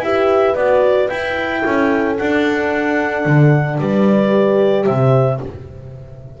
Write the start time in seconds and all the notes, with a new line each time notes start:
0.00 E4 G4 B4 E5
0.54 B3 F#4 D5
1.08 E4 G5
1.64 C#4 A4
2.18 D4 F#5
3.25 D3
3.77 G3 B4 D5
4.27 G4
4.85 C3 C5 E5